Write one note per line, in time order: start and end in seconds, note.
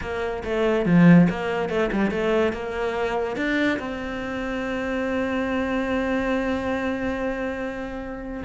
0.01 0.43 A#3
0.44 0.85 A3
0.85 1.28 F3
1.29 1.69 A#3
1.69 1.90 A3
1.92 2.10 G3
2.10 2.52 A3
2.52 3.36 A#3
3.36 3.78 D4
3.79 8.43 C4